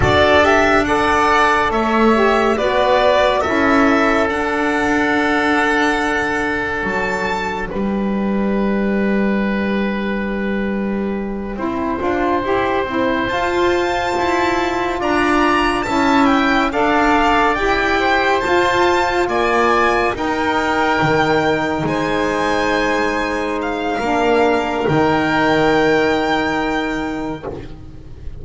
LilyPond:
<<
  \new Staff \with { instrumentName = "violin" } { \time 4/4 \tempo 4 = 70 d''8 e''8 fis''4 e''4 d''4 | e''4 fis''2. | a''4 g''2.~ | g''2.~ g''8 a''8~ |
a''4. ais''4 a''8 g''8 f''8~ | f''8 g''4 a''4 gis''4 g''8~ | g''4. gis''2 f''8~ | f''4 g''2. | }
  \new Staff \with { instrumentName = "oboe" } { \time 4/4 a'4 d''4 cis''4 b'4 | a'1~ | a'4 b'2.~ | b'4. c''2~ c''8~ |
c''4. d''4 e''4 d''8~ | d''4 c''4. d''4 ais'8~ | ais'4. c''2~ c''8 | ais'1 | }
  \new Staff \with { instrumentName = "saxophone" } { \time 4/4 fis'8 g'8 a'4. g'8 fis'4 | e'4 d'2.~ | d'1~ | d'4. e'8 f'8 g'8 e'8 f'8~ |
f'2~ f'8 e'4 a'8~ | a'8 g'4 f'2 dis'8~ | dis'1 | d'4 dis'2. | }
  \new Staff \with { instrumentName = "double bass" } { \time 4/4 d'2 a4 b4 | cis'4 d'2. | fis4 g2.~ | g4. c'8 d'8 e'8 c'8 f'8~ |
f'8 e'4 d'4 cis'4 d'8~ | d'8 e'4 f'4 ais4 dis'8~ | dis'8 dis4 gis2~ gis8 | ais4 dis2. | }
>>